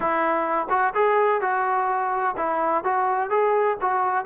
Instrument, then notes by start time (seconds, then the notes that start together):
trombone
0.00 E4
0.69 F#4
0.94 G#4
1.41 F#4
2.36 E4
2.83 F#4
3.29 G#4
3.81 F#4